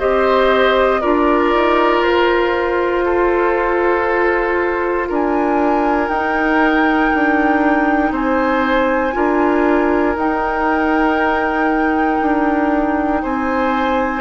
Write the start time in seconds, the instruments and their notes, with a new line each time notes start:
0.00 bassoon C4, clarinet G4, oboe C5, flute D#5
1.01 bassoon D4, clarinet F4, oboe A#4, flute D5
1.55 bassoon D#4
2.03 bassoon F4, flute C5
3.06 oboe A4
5.09 bassoon D4, oboe A#4, flute G#5
6.09 bassoon D#4, clarinet D#4, flute G5
7.15 bassoon D4
8.12 bassoon C4, oboe C5, flute G#5
9.13 bassoon D4, clarinet F4, oboe A#4
10.16 bassoon D#4, clarinet D#4, flute G5
12.22 bassoon D4
13.23 bassoon C4, oboe C5, flute G#5